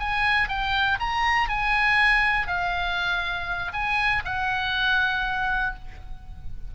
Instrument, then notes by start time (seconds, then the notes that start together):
oboe
0.00 G#5
0.49 G5
1.00 A#5
1.49 G#5
2.48 F5
3.73 G#5
4.25 F#5